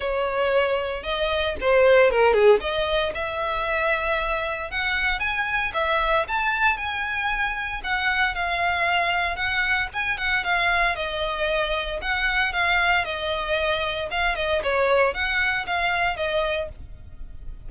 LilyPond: \new Staff \with { instrumentName = "violin" } { \time 4/4 \tempo 4 = 115 cis''2 dis''4 c''4 | ais'8 gis'8 dis''4 e''2~ | e''4 fis''4 gis''4 e''4 | a''4 gis''2 fis''4 |
f''2 fis''4 gis''8 fis''8 | f''4 dis''2 fis''4 | f''4 dis''2 f''8 dis''8 | cis''4 fis''4 f''4 dis''4 | }